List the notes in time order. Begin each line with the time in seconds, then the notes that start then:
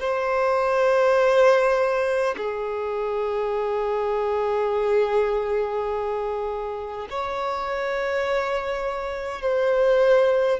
0.00 C5
2.37 G#4
7.10 C#5
9.42 C5